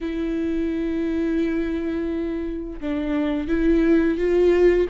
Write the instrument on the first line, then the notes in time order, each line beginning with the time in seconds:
viola
0.01 E4
2.80 D4
3.48 E4
4.17 F4